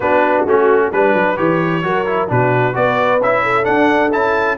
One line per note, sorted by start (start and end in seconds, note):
0.00 0.44 B3
0.00 0.47 D4
0.00 0.92 F#4
0.00 0.45 B4
0.45 0.91 A3
0.45 0.92 C#4
0.45 0.92 F#4
0.91 1.14 G3
0.91 1.36 D4
0.91 1.37 B4
0.91 1.84 B4
1.14 1.37 F#3
1.36 1.83 E3
1.36 1.82 G4
1.36 2.29 C#5
1.83 2.29 F#3
1.83 2.06 F#4
1.83 2.30 A#4
2.06 2.28 E4
2.28 2.75 B2
2.28 2.73 D4
2.28 2.76 F#4
2.28 2.75 B4
2.73 3.20 B3
2.73 3.19 F#4
2.73 3.43 B4
2.73 3.21 D5
3.20 3.66 C#4
3.20 3.63 E4
3.20 3.65 E5
3.43 4.57 A4
3.63 4.09 D4
3.63 4.13 D4
3.63 4.10 F#5
4.12 4.57 C#4
4.12 4.57 E4
4.12 4.57 A5